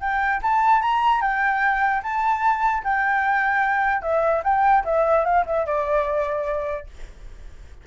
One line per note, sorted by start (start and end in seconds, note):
0.00 0.40 G5
0.42 0.81 A5
0.81 1.21 A#5
1.21 2.01 G5
2.02 2.83 A5
2.83 4.02 G5
4.02 4.42 E5
4.43 4.84 G5
4.84 5.24 E5
5.25 5.45 F5
5.46 5.66 E5
5.66 6.86 D5